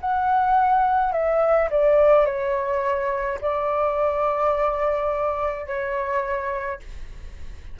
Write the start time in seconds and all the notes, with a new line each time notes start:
0.00 F#5
1.12 E5
1.70 D5
2.25 C#5
3.41 D5
5.66 C#5